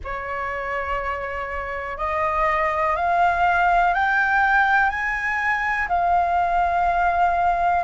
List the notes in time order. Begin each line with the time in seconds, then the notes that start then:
0.04 C#5
1.97 D#5
2.96 F5
3.93 G5
4.89 G#5
5.88 F5